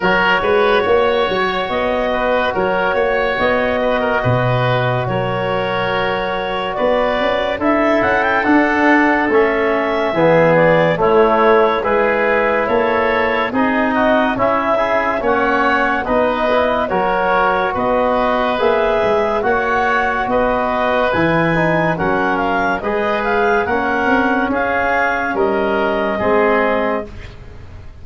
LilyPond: <<
  \new Staff \with { instrumentName = "clarinet" } { \time 4/4 \tempo 4 = 71 cis''2 dis''4 cis''4 | dis''2 cis''2 | d''4 e''8 fis''16 g''16 fis''4 e''4~ | e''8 d''8 cis''4 b'4 cis''4 |
dis''4 e''4 fis''4 dis''4 | cis''4 dis''4 e''4 fis''4 | dis''4 gis''4 fis''8 f''8 dis''8 f''8 | fis''4 f''4 dis''2 | }
  \new Staff \with { instrumentName = "oboe" } { \time 4/4 ais'8 b'8 cis''4. b'8 ais'8 cis''8~ | cis''8 b'16 ais'16 b'4 ais'2 | b'4 a'2. | gis'4 e'4 gis'4 a'4 |
gis'8 fis'8 e'8 gis'8 cis''4 b'4 | ais'4 b'2 cis''4 | b'2 ais'4 b'4 | ais'4 gis'4 ais'4 gis'4 | }
  \new Staff \with { instrumentName = "trombone" } { \time 4/4 fis'1~ | fis'1~ | fis'4 e'4 d'4 cis'4 | b4 a4 e'2 |
dis'4 cis'8 e'8 cis'4 dis'8 e'8 | fis'2 gis'4 fis'4~ | fis'4 e'8 dis'8 cis'4 gis'4 | cis'2. c'4 | }
  \new Staff \with { instrumentName = "tuba" } { \time 4/4 fis8 gis8 ais8 fis8 b4 fis8 ais8 | b4 b,4 fis2 | b8 cis'8 d'8 cis'8 d'4 a4 | e4 a4 gis4 ais4 |
c'4 cis'4 ais4 b4 | fis4 b4 ais8 gis8 ais4 | b4 e4 fis4 gis4 | ais8 c'8 cis'4 g4 gis4 | }
>>